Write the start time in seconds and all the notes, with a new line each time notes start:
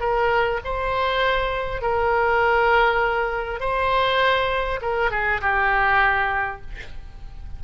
0.00 A#4
0.64 C5
1.81 A#4
3.60 C5
4.82 A#4
5.11 G#4
5.41 G4